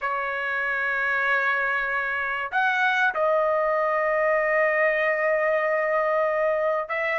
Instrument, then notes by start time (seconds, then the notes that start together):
trumpet
0.01 C#5
2.51 F#5
3.14 D#5
6.88 E5